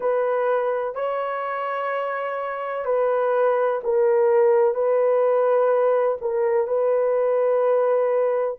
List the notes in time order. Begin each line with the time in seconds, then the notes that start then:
0.00 B4
0.94 C#5
2.85 B4
3.84 A#4
4.74 B4
6.21 A#4
6.67 B4